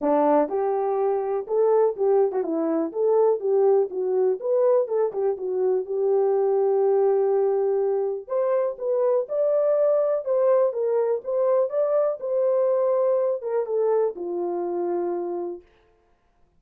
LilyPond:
\new Staff \with { instrumentName = "horn" } { \time 4/4 \tempo 4 = 123 d'4 g'2 a'4 | g'8. fis'16 e'4 a'4 g'4 | fis'4 b'4 a'8 g'8 fis'4 | g'1~ |
g'4 c''4 b'4 d''4~ | d''4 c''4 ais'4 c''4 | d''4 c''2~ c''8 ais'8 | a'4 f'2. | }